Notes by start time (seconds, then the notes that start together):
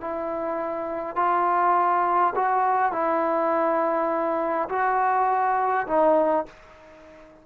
0.00 E4
1.16 F4
2.35 F#4
2.92 E4
4.69 F#4
5.87 D#4